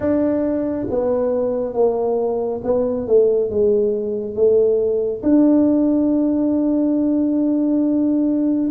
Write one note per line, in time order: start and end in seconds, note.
0.00 0.87 D4
0.89 1.74 B3
1.74 2.60 A#3
2.63 3.07 B3
3.07 3.50 A3
3.50 4.35 G#3
4.35 5.22 A3
5.22 8.70 D4